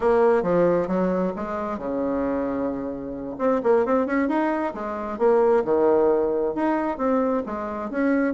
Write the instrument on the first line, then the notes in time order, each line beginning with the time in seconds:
bassoon
0.00 A#3
0.42 F3
0.87 F#3
1.35 G#3
1.78 C#3
3.38 C4
3.63 A#3
3.85 C4
4.06 C#4
4.28 D#4
4.74 G#3
5.18 A#3
5.64 D#3
6.54 D#4
6.97 C4
7.46 G#3
7.90 C#4